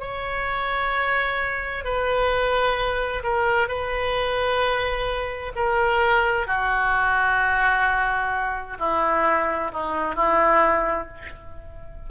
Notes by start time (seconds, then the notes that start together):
0.00 C#5
1.84 B4
3.23 A#4
3.68 B4
5.56 A#4
6.47 F#4
8.79 E4
9.72 D#4
10.15 E4